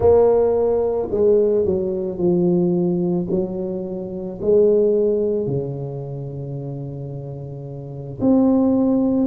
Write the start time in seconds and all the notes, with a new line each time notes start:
0.00 A#3
1.11 G#3
1.65 F#3
2.18 F3
3.30 F#3
4.41 G#3
5.46 C#3
8.20 C4